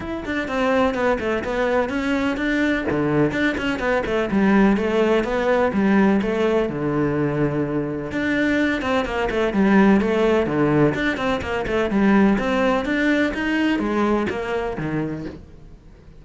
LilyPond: \new Staff \with { instrumentName = "cello" } { \time 4/4 \tempo 4 = 126 e'8 d'8 c'4 b8 a8 b4 | cis'4 d'4 d4 d'8 cis'8 | b8 a8 g4 a4 b4 | g4 a4 d2~ |
d4 d'4. c'8 ais8 a8 | g4 a4 d4 d'8 c'8 | ais8 a8 g4 c'4 d'4 | dis'4 gis4 ais4 dis4 | }